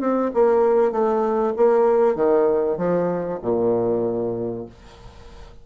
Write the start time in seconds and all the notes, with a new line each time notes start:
0.00 C4
0.34 A#3
0.92 A3
1.57 A#3
2.16 D#3
2.78 F3
3.42 A#2